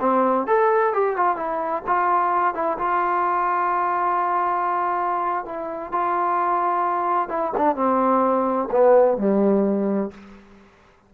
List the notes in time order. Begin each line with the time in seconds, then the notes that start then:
0.00 C4
0.47 A4
0.93 G4
1.16 F4
1.36 E4
1.87 F4
2.54 E4
2.78 F4
5.45 E4
5.92 F4
7.29 E4
7.57 D4
7.75 C4
8.71 B3
9.18 G3